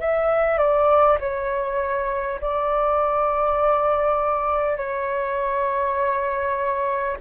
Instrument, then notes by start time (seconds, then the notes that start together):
flute
0.00 E5
0.58 D5
1.20 C#5
2.41 D5
4.77 C#5